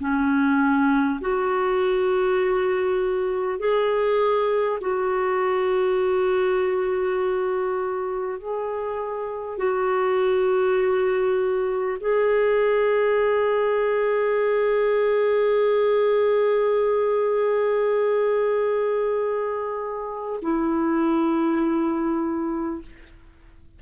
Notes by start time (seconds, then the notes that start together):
0.00 C#4
1.21 F#4
3.59 G#4
4.81 F#4
8.39 G#4
9.58 F#4
12.00 G#4
20.42 E4